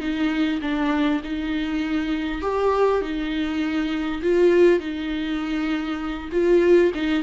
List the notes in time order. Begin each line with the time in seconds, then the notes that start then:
0.00 D#4
0.61 D4
1.24 D#4
2.41 G4
3.01 D#4
4.22 F4
4.79 D#4
6.32 F4
6.94 D#4